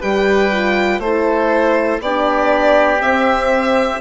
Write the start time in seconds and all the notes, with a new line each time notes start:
0.00 G3 G4 B4 G5
0.51 F4
0.99 A3 E4 A4 C5
2.00 B3 D4 G4 D5
2.99 C4 E5